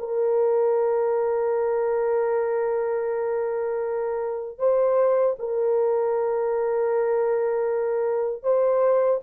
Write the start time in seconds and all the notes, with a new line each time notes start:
0.00 A#4
4.59 C5
5.40 A#4
8.44 C5